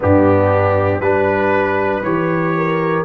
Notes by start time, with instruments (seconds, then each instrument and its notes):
0.00 tuba G2, trombone B3, horn D4, trumpet G4
1.00 tuba G3, trombone D4, trumpet B4, horn B4
2.03 tuba E3, trombone G4, trumpet C#5
2.57 horn A#4